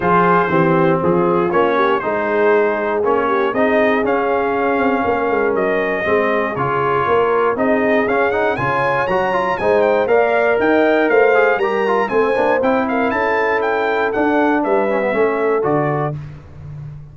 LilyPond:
<<
  \new Staff \with { instrumentName = "trumpet" } { \time 4/4 \tempo 4 = 119 c''2 gis'4 cis''4 | c''2 cis''4 dis''4 | f''2. dis''4~ | dis''4 cis''2 dis''4 |
f''8 fis''8 gis''4 ais''4 gis''8 g''8 | f''4 g''4 f''4 ais''4 | gis''4 g''8 f''8 a''4 g''4 | fis''4 e''2 d''4 | }
  \new Staff \with { instrumentName = "horn" } { \time 4/4 gis'4 g'4 f'4. g'8 | gis'2~ gis'8 g'8 gis'4~ | gis'2 ais'2 | gis'2 ais'4 gis'4~ |
gis'4 cis''2 c''4 | d''4 dis''4 c''4 ais'4 | c''4. ais'8 a'2~ | a'4 b'4 a'2 | }
  \new Staff \with { instrumentName = "trombone" } { \time 4/4 f'4 c'2 cis'4 | dis'2 cis'4 dis'4 | cis'1 | c'4 f'2 dis'4 |
cis'8 dis'8 f'4 fis'8 f'8 dis'4 | ais'2~ ais'8 gis'8 g'8 f'8 | c'8 d'8 e'2. | d'4. cis'16 b16 cis'4 fis'4 | }
  \new Staff \with { instrumentName = "tuba" } { \time 4/4 f4 e4 f4 ais4 | gis2 ais4 c'4 | cis'4. c'8 ais8 gis8 fis4 | gis4 cis4 ais4 c'4 |
cis'4 cis4 fis4 gis4 | ais4 dis'4 a4 g4 | a8 ais8 c'4 cis'2 | d'4 g4 a4 d4 | }
>>